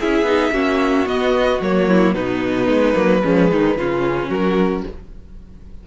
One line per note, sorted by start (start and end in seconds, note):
0.00 0.22 C#4
0.00 0.26 E4
0.00 0.54 G#4
0.00 1.08 E5
0.22 0.49 B3
0.22 0.53 D#4
0.52 1.06 A#3
0.52 1.06 C#4
0.52 1.89 F#4
1.06 1.60 B3
1.06 1.61 B3
1.06 1.62 D#5
1.61 2.15 F#3
1.61 2.16 A#3
1.61 2.15 C#5
1.89 2.15 E4
2.15 2.68 B2
2.15 2.94 B3
2.15 3.23 D#4
2.15 4.30 B4
2.68 2.95 G#3
2.94 3.24 F#3
2.94 3.22 A#3
3.24 3.52 F3
3.24 3.78 G#3
3.24 3.51 C#4
3.52 3.77 D#3
3.52 3.78 D#4
3.77 4.30 C#3
3.77 4.88 C#4
3.77 4.29 F4
4.29 4.84 F#3
4.29 4.83 F#4
4.29 4.84 A#4